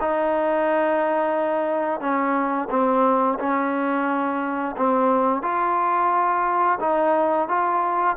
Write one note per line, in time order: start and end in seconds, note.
0.00 2.00 D#4
2.00 2.68 C#4
2.70 3.38 C4
3.39 4.75 C#4
4.77 5.42 C4
5.42 6.78 F4
6.80 7.48 D#4
7.48 8.16 F4